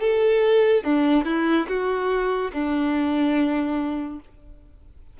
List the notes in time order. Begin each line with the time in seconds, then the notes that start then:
0.00 A4
0.83 D4
1.25 E4
1.68 F#4
2.53 D4